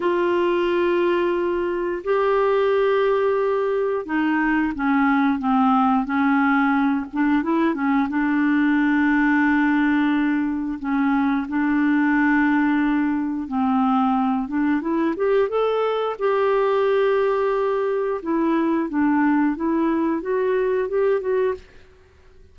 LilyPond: \new Staff \with { instrumentName = "clarinet" } { \time 4/4 \tempo 4 = 89 f'2. g'4~ | g'2 dis'4 cis'4 | c'4 cis'4. d'8 e'8 cis'8 | d'1 |
cis'4 d'2. | c'4. d'8 e'8 g'8 a'4 | g'2. e'4 | d'4 e'4 fis'4 g'8 fis'8 | }